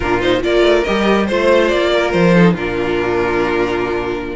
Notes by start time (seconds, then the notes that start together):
0.00 A#2 D4 F4 A#4
0.21 D#4 C5
0.41 A#3 F4 A#4 D5
0.61 A3
0.84 G3 G4 D#5
1.26 A3 F4 C5
1.68 A#3 D5
1.93 A#4
2.11 F3 C5
2.34 D#4 A4
2.53 A#2 D4 F4 A#4